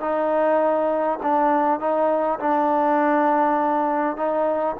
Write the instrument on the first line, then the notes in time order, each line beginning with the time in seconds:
trombone
0.00 D#4
1.22 D4
1.80 D#4
2.39 D4
4.16 D#4